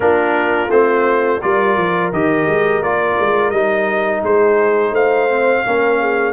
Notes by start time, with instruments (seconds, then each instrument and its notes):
0.00 tuba A#3, trombone D4, horn F4, trumpet A#4
0.69 tuba A3, trombone C4, trumpet C5
1.41 tuba G3, trombone F4, horn A#4, trumpet D5
1.77 tuba F3
2.12 tuba D#3, trombone G4, trumpet D#5
2.46 tuba G#3
2.80 tuba A#3, trombone F4, trumpet D5
3.19 tuba G#3
3.50 tuba G3, trombone D#4, trumpet D#5
4.22 tuba G#3, horn G#4, trumpet C5
4.91 tuba A3, horn C5, trumpet F5
5.29 trombone C4
5.64 tuba A#3, trombone C#4, horn A#4
6.00 horn G#4